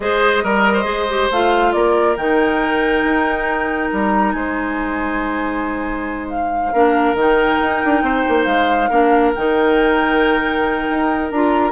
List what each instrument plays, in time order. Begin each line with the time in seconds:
0.00 bassoon G#3, clarinet G#4, oboe C5, flute D#5
0.43 bassoon G3, oboe A#4, clarinet A#4
0.73 oboe C5
0.84 bassoon G#3, clarinet G#4
1.09 clarinet G4
1.31 bassoon A3, clarinet F4, flute F5
1.72 bassoon A#3, oboe A#4, flute D5
2.16 bassoon D#3, clarinet D#4, flute G5
3.03 bassoon D#4
3.92 bassoon G3, flute A#5
4.32 bassoon G#3, oboe C5, flute G#5
6.29 flute F5
6.72 bassoon A#3, clarinet D4, oboe A#4
7.14 bassoon D#3, clarinet D#4
7.20 flute G5
7.61 bassoon D#4
7.84 bassoon D4
8.01 bassoon C4, oboe C5
8.28 bassoon A#3
8.44 bassoon G#3, flute F5
8.89 bassoon A#3, clarinet D4, oboe A#4
9.33 bassoon D#3, clarinet D#4, flute G5
10.89 bassoon D#4
11.30 bassoon D4, clarinet F4, flute A#5